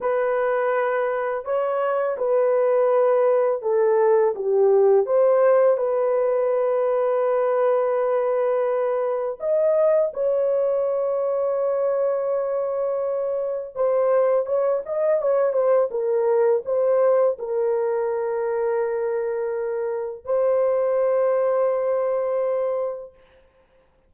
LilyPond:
\new Staff \with { instrumentName = "horn" } { \time 4/4 \tempo 4 = 83 b'2 cis''4 b'4~ | b'4 a'4 g'4 c''4 | b'1~ | b'4 dis''4 cis''2~ |
cis''2. c''4 | cis''8 dis''8 cis''8 c''8 ais'4 c''4 | ais'1 | c''1 | }